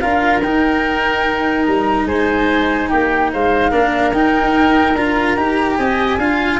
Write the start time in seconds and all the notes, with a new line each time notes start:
0.00 D4 F4 A#4 F5
0.41 D#4 G5
1.65 G3 A#5
2.04 G#3 C5 G#5
2.89 A#3 G4 G5
3.33 G#3 C5 F5
3.70 A#3 D4 A#4
4.12 D#4 G5
4.94 D4 F4 A#5
5.36 D#4 G4
5.77 C4 D#5 G#5
6.17 D4 F4 F5